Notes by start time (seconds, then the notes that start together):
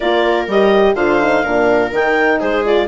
0.00 A#3 F4 A#4 D5
0.47 G3 G4 D#5
0.94 D3 F4 C5 F5
1.20 D#4
1.43 A#2 D4 A#4
1.91 D#3 D#4 G5
2.39 G#3 G#4 C5
2.64 F4 D5